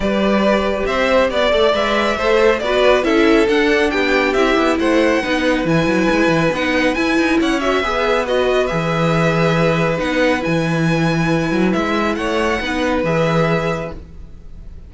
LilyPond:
<<
  \new Staff \with { instrumentName = "violin" } { \time 4/4 \tempo 4 = 138 d''2 e''4 d''4 | e''2 d''4 e''4 | fis''4 g''4 e''4 fis''4~ | fis''4 gis''2 fis''4 |
gis''4 fis''8 e''4. dis''4 | e''2. fis''4 | gis''2. e''4 | fis''2 e''2 | }
  \new Staff \with { instrumentName = "violin" } { \time 4/4 b'2 c''4 d''4~ | d''4 c''4 b'4 a'4~ | a'4 g'2 c''4 | b'1~ |
b'4 cis''4 b'2~ | b'1~ | b'1 | cis''4 b'2. | }
  \new Staff \with { instrumentName = "viola" } { \time 4/4 g'2.~ g'8 a'8 | b'4 a'4 fis'4 e'4 | d'2 e'2 | dis'4 e'2 dis'4 |
e'4. fis'8 gis'4 fis'4 | gis'2. dis'4 | e'1~ | e'4 dis'4 gis'2 | }
  \new Staff \with { instrumentName = "cello" } { \time 4/4 g2 c'4 b8 a8 | gis4 a4 b4 cis'4 | d'4 b4 c'8 b8 a4 | b4 e8 fis8 gis8 e8 b4 |
e'8 dis'8 cis'4 b2 | e2. b4 | e2~ e8 fis8 gis4 | a4 b4 e2 | }
>>